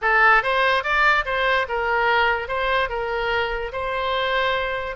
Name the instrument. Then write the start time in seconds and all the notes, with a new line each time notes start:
oboe
0.01 A4
0.43 C5
0.83 D5
1.25 C5
1.68 A#4
2.48 C5
2.89 A#4
3.72 C5